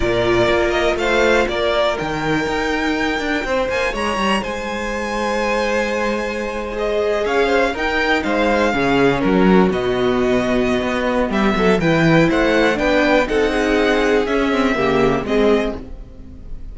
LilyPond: <<
  \new Staff \with { instrumentName = "violin" } { \time 4/4 \tempo 4 = 122 d''4. dis''8 f''4 d''4 | g''2.~ g''8 gis''8 | ais''4 gis''2.~ | gis''4.~ gis''16 dis''4 f''4 g''16~ |
g''8. f''2 ais'4 dis''16~ | dis''2. e''4 | g''4 fis''4 g''4 fis''4~ | fis''4 e''2 dis''4 | }
  \new Staff \with { instrumentName = "violin" } { \time 4/4 ais'2 c''4 ais'4~ | ais'2. c''4 | cis''4 c''2.~ | c''2~ c''8. cis''8 c''8 ais'16~ |
ais'8. c''4 gis'4 fis'4~ fis'16~ | fis'2. g'8 a'8 | b'4 c''4 b'4 a'8 gis'8~ | gis'2 g'4 gis'4 | }
  \new Staff \with { instrumentName = "viola" } { \time 4/4 f'1 | dis'1~ | dis'1~ | dis'4.~ dis'16 gis'2 dis'16~ |
dis'4.~ dis'16 cis'2 b16~ | b1 | e'2 d'4 dis'4~ | dis'4 cis'8 c'8 ais4 c'4 | }
  \new Staff \with { instrumentName = "cello" } { \time 4/4 ais,4 ais4 a4 ais4 | dis4 dis'4. d'8 c'8 ais8 | gis8 g8 gis2.~ | gis2~ gis8. cis'4 dis'16~ |
dis'8. gis4 cis4 fis4 b,16~ | b,2 b4 g8 fis8 | e4 a4 b4 c'4~ | c'4 cis'4 cis4 gis4 | }
>>